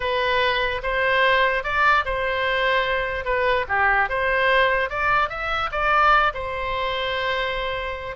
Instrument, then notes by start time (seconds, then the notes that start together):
oboe
0.00 B4
0.82 C5
1.63 D5
2.05 C5
3.24 B4
3.68 G4
4.09 C5
4.89 D5
5.29 E5
5.71 D5
6.34 C5